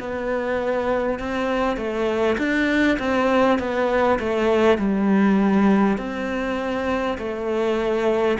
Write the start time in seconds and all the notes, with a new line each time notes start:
0.00 B3
1.19 C4
1.77 A3
2.39 D4
2.99 C4
3.59 B3
4.19 A3
4.79 G3
5.98 C4
7.18 A3